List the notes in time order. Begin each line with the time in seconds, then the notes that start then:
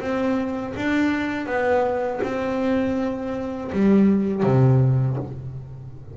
0.00 C4
0.76 D4
1.46 B3
2.23 C4
3.72 G3
4.43 C3